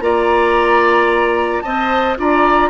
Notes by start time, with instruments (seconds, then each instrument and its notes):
0.00 bassoon A#3, clarinet F4, oboe D5, flute A#5
1.61 bassoon C4, clarinet C5, oboe D#5, flute A5
2.17 bassoon D4, clarinet F4, oboe D5, flute A#5